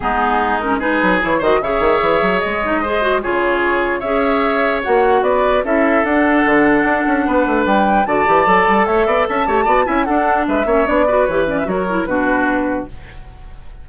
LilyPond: <<
  \new Staff \with { instrumentName = "flute" } { \time 4/4 \tempo 4 = 149 gis'4. ais'8 b'4 cis''8 dis''8 | e''2 dis''2 | cis''2 e''2 | fis''4 d''4 e''4 fis''4~ |
fis''2. g''4 | a''2 e''4 a''4~ | a''8 gis''8 fis''4 e''4 d''4 | cis''8 d''16 e''16 cis''4 b'2 | }
  \new Staff \with { instrumentName = "oboe" } { \time 4/4 dis'2 gis'4. c''8 | cis''2. c''4 | gis'2 cis''2~ | cis''4 b'4 a'2~ |
a'2 b'2 | d''2 cis''8 d''8 e''8 cis''8 | d''8 e''8 a'4 b'8 cis''4 b'8~ | b'4 ais'4 fis'2 | }
  \new Staff \with { instrumentName = "clarinet" } { \time 4/4 b4. cis'8 dis'4 e'8 fis'8 | gis'2~ gis'8 dis'8 gis'8 fis'8 | f'2 gis'2 | fis'2 e'4 d'4~ |
d'1 | fis'8 g'8 a'2~ a'8 g'8 | fis'8 e'8 d'4. cis'8 d'8 fis'8 | g'8 cis'8 fis'8 e'8 d'2 | }
  \new Staff \with { instrumentName = "bassoon" } { \time 4/4 gis2~ gis8 fis8 e8 dis8 | cis8 dis8 e8 fis8 gis2 | cis2 cis'2 | ais4 b4 cis'4 d'4 |
d4 d'8 cis'8 b8 a8 g4 | d8 e8 fis8 g8 a8 b8 cis'8 a8 | b8 cis'8 d'4 gis8 ais8 b4 | e4 fis4 b,2 | }
>>